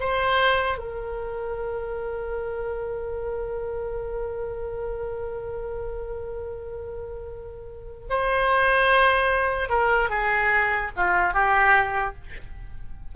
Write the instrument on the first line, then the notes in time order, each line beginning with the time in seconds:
oboe
0.00 C5
0.78 A#4
8.10 C5
9.70 A#4
10.10 G#4
10.96 F4
11.34 G4